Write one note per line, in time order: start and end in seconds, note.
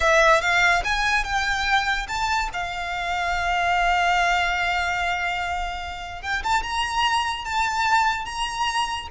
0.00 0.41 E5
0.41 0.82 F5
0.84 1.23 G#5
1.23 2.06 G5
2.08 2.49 A5
2.53 6.22 F5
6.22 6.42 G5
6.43 6.62 A5
6.62 7.44 A#5
7.44 8.25 A5
8.25 9.08 A#5